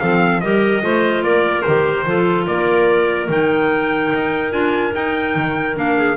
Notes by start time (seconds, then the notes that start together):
0.00 F3 C4 A4 F5
0.41 G3 G4 A#4 D#5
0.82 A3 F4 C5
1.22 A#3 A#4 D5
1.62 D#3 G4 C5
2.06 F3 F4 A4
2.47 A#3 A#4 D5
3.29 D#3 D#4 G5
4.13 D#4
4.51 D4 F4 G#5
4.93 D#4 G5
5.36 D#3
5.75 A#3 D4 F5
5.97 G#4